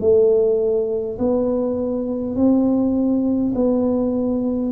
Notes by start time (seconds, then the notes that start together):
0.00 A3
1.19 B3
2.36 C4
3.55 B3